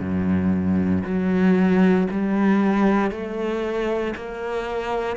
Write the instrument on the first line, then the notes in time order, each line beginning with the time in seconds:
cello
0.00 F#2
1.04 F#3
2.11 G3
3.11 A3
4.16 A#3